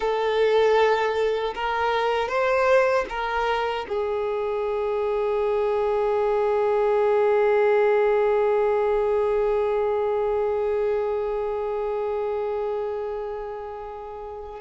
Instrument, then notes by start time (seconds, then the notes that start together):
violin
0.00 A4
1.54 A#4
2.28 C5
3.09 A#4
3.88 G#4